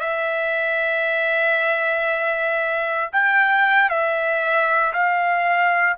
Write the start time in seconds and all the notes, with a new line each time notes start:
0.00 E5
3.12 G5
3.89 E5
4.93 F5